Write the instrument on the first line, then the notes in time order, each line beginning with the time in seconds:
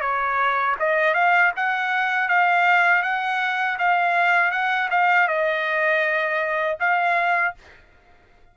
trumpet
0.00 C#5
0.79 D#5
1.14 F5
1.56 F#5
2.28 F5
3.02 F#5
3.78 F5
4.51 F#5
4.90 F5
5.28 D#5
6.79 F5